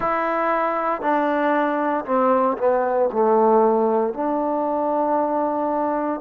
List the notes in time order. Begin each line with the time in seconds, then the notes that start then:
0.00 E4
1.01 D4
2.05 C4
2.57 B3
3.12 A3
4.13 D4